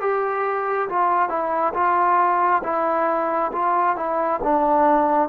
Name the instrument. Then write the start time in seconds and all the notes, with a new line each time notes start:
trombone
0.00 G4
0.89 F4
1.29 E4
1.74 F4
2.63 E4
3.52 F4
3.96 E4
4.43 D4